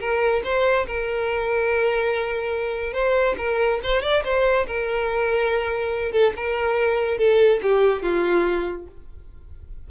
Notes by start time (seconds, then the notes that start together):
0.00 A#4
0.44 C5
0.87 A#4
2.93 C5
3.38 A#4
3.83 C5
4.02 D5
4.24 C5
4.67 A#4
6.12 A4
6.36 A#4
7.18 A4
7.62 G4
8.02 F4